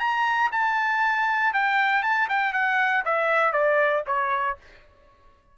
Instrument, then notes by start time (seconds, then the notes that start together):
trumpet
0.00 A#5
0.52 A5
1.54 G5
2.03 A5
2.29 G5
2.54 F#5
3.05 E5
3.53 D5
4.07 C#5